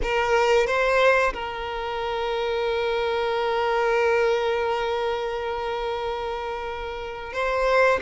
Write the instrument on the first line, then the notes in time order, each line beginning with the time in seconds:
violin
0.02 A#4
0.66 C5
1.33 A#4
7.33 C5